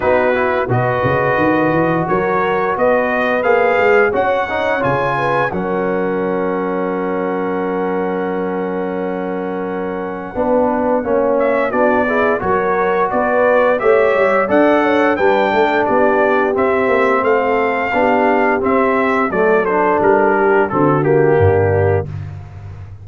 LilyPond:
<<
  \new Staff \with { instrumentName = "trumpet" } { \time 4/4 \tempo 4 = 87 b'4 dis''2 cis''4 | dis''4 f''4 fis''4 gis''4 | fis''1~ | fis''1~ |
fis''8 e''8 d''4 cis''4 d''4 | e''4 fis''4 g''4 d''4 | e''4 f''2 e''4 | d''8 c''8 ais'4 a'8 g'4. | }
  \new Staff \with { instrumentName = "horn" } { \time 4/4 fis'4 b'2 ais'4 | b'2 cis''4. b'8 | ais'1~ | ais'2. b'4 |
cis''4 fis'8 gis'8 ais'4 b'4 | cis''4 d''8 cis''8 b'8 a'8 g'4~ | g'4 a'4 g'2 | a'4. g'8 fis'4 d'4 | }
  \new Staff \with { instrumentName = "trombone" } { \time 4/4 dis'8 e'8 fis'2.~ | fis'4 gis'4 fis'8 dis'8 f'4 | cis'1~ | cis'2. d'4 |
cis'4 d'8 e'8 fis'2 | g'4 a'4 d'2 | c'2 d'4 c'4 | a8 d'4. c'8 ais4. | }
  \new Staff \with { instrumentName = "tuba" } { \time 4/4 b4 b,8 cis8 dis8 e8 fis4 | b4 ais8 gis8 cis'4 cis4 | fis1~ | fis2. b4 |
ais4 b4 fis4 b4 | a8 g8 d'4 g8 a8 b4 | c'8 ais8 a4 b4 c'4 | fis4 g4 d4 g,4 | }
>>